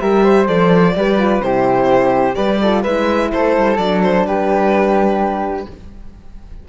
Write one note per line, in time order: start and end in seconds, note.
0.00 0.48 G3
0.00 0.47 G4
0.00 0.24 A#4
0.00 0.47 E5
0.24 0.95 C5
0.47 0.95 F3
0.47 0.94 A4
0.47 1.42 D5
0.95 1.40 G3
0.95 1.19 G4
0.95 1.45 B4
1.19 1.42 F4
1.40 2.35 C3
1.40 2.34 E4
1.40 2.35 G4
1.40 2.35 C5
2.34 2.85 G3
2.34 2.57 G4
2.34 2.59 B4
2.34 2.82 D5
2.62 2.86 F4
2.62 2.82 A4
2.82 3.32 G#3
2.82 3.79 E4
2.82 3.29 B4
2.82 3.31 E5
3.31 3.57 A3
3.31 4.27 A4
3.31 3.77 C5
3.57 3.77 G3
3.77 4.25 F#3
3.77 5.68 D4
3.77 4.01 D5
4.03 4.27 C5
4.25 5.66 G3
4.25 5.69 G4
4.25 5.69 B4